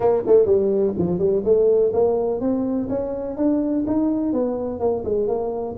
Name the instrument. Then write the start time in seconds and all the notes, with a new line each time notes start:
tuba
0.00 A#3
0.26 A3
0.46 G3
0.98 F3
1.18 G3
1.44 A3
1.93 A#3
2.40 C4
2.89 C#4
3.36 D4
3.86 D#4
4.32 B3
4.79 A#3
5.04 G#3
5.27 A#3